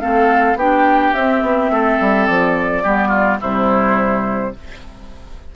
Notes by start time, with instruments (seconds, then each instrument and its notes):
0.00 bassoon A3, clarinet C4, oboe A4, flute F5
0.55 bassoon B3, clarinet D4, oboe G4, flute G5
1.13 bassoon C4, clarinet C4, flute E5
1.42 bassoon B3
1.70 bassoon A3, oboe A4
2.00 bassoon G3
2.26 bassoon F3, flute D5
2.83 bassoon G3, clarinet B3, oboe G4
3.08 oboe F4
3.40 bassoon C3, clarinet G3, oboe E4, flute C5